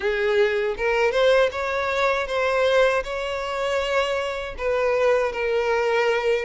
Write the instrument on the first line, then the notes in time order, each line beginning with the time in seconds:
violin
0.00 G#4
0.77 A#4
1.12 C5
1.51 C#5
2.27 C5
3.03 C#5
4.58 B4
5.32 A#4